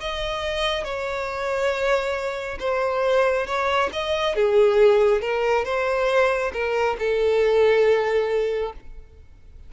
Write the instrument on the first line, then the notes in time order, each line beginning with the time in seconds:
violin
0.00 D#5
0.84 C#5
2.59 C5
3.46 C#5
3.92 D#5
4.35 G#4
5.21 A#4
5.64 C5
6.53 A#4
6.98 A4